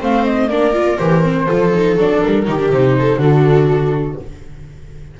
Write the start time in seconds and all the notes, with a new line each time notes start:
0.00 A3 C4 C5 F5
0.24 D#5
0.48 A#3 D4 A#4 D5
0.73 F4
0.97 E3 G4 C5
1.22 C4
1.46 F3 F4 A4
1.74 D#4
1.96 F#3 D4 D5
2.23 G3 A#4
2.45 D#3 D#4 G4
2.59 D4
2.70 C3 D#4 C5
2.99 A4
3.17 D3 D4 F#4 A4